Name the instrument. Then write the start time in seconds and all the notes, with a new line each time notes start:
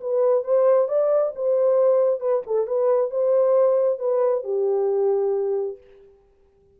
horn
0.00 B4
0.43 C5
0.88 D5
1.35 C5
2.20 B4
2.46 A4
2.67 B4
3.10 C5
3.99 B4
4.43 G4